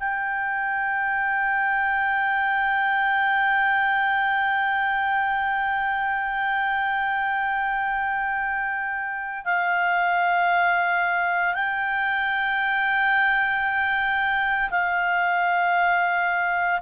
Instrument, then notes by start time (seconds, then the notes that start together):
clarinet
0.00 G5
9.45 F5
11.55 G5
14.71 F5